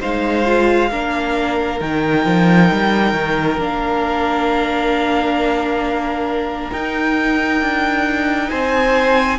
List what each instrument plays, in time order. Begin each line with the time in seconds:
0.00 cello G#3, viola D#4, violin C5 F5
0.45 viola F4
0.90 cello A#3, viola D4, violin A#4
1.79 cello D#3, viola D#4, violin G5
2.25 cello F3
2.72 cello G3
3.13 cello D#3
3.57 cello A#3, viola D4, violin F5
6.71 viola D#4, cello D#4, violin G5
7.61 cello D4
8.49 cello C4, violin C5 G#5